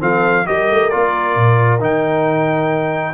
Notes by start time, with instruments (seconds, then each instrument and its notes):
0.00 tuba F3, trombone C4, horn A4, trumpet F5
0.46 tuba G3, trombone G4, horn A#4, trumpet D#5
0.71 tuba A3
0.90 tuba A#3, trombone F4, trumpet D5
1.36 tuba A#2
1.80 tuba D#3, trombone D#4, trumpet G5